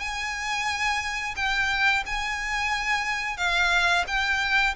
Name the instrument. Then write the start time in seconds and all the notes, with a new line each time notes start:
violin
0.00 G#5
1.36 G5
2.06 G#5
3.37 F5
4.08 G5